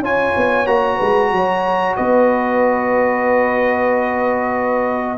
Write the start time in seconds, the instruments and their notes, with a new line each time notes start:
0.00 tuba C#4, trombone F4, horn C#5, trumpet G#5
0.37 tuba B3
0.66 tuba A#3, trombone F#4, trumpet A#5
0.97 tuba G#3, horn B4
1.32 tuba F#3, horn C#5
1.97 tuba B3, horn B4, trumpet D#5